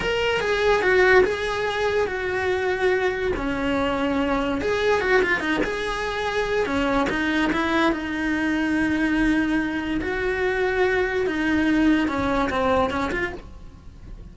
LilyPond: \new Staff \with { instrumentName = "cello" } { \time 4/4 \tempo 4 = 144 ais'4 gis'4 fis'4 gis'4~ | gis'4 fis'2. | cis'2. gis'4 | fis'8 f'8 dis'8 gis'2~ gis'8 |
cis'4 dis'4 e'4 dis'4~ | dis'1 | fis'2. dis'4~ | dis'4 cis'4 c'4 cis'8 f'8 | }